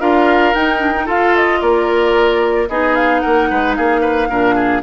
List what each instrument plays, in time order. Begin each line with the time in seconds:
0.00 bassoon D4, clarinet F4, oboe A#4, flute F5
0.54 bassoon D#4, clarinet D#4, flute G5
0.79 clarinet D4
0.94 clarinet D#4
1.06 clarinet F4, bassoon F4, oboe A4, flute F5
1.36 flute D#5
1.61 bassoon A#3, oboe A#4, flute D5
2.69 bassoon B3, clarinet D#4, oboe G#4, flute D#5
2.95 flute F5
3.19 oboe A#4, flute F#5
3.26 bassoon A#3
3.50 bassoon G#3, oboe B4
3.76 bassoon A#3, oboe G#4, flute F5
4.01 oboe B4
4.29 bassoon A#2, clarinet D4, oboe A#4
4.55 oboe G#4